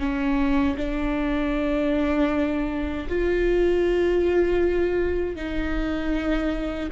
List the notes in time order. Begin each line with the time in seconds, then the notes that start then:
0.00 C#4
0.78 D4
3.09 F4
5.36 D#4